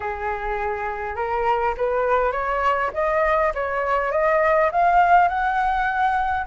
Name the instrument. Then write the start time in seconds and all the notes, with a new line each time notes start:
flute
0.00 G#4
1.15 A#4
1.77 B4
2.32 C#5
2.93 D#5
3.54 C#5
4.11 D#5
4.71 F5
5.28 F#5